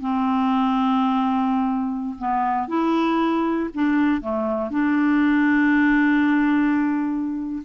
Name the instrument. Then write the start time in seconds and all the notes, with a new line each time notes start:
clarinet
0.00 C4
2.19 B3
2.68 E4
3.74 D4
4.22 A3
4.71 D4